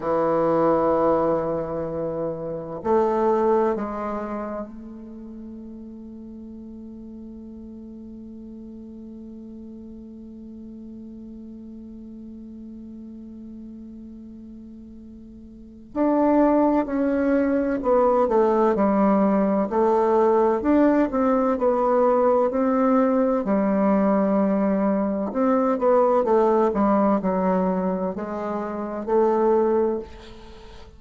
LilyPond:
\new Staff \with { instrumentName = "bassoon" } { \time 4/4 \tempo 4 = 64 e2. a4 | gis4 a2.~ | a1~ | a1~ |
a4 d'4 cis'4 b8 a8 | g4 a4 d'8 c'8 b4 | c'4 g2 c'8 b8 | a8 g8 fis4 gis4 a4 | }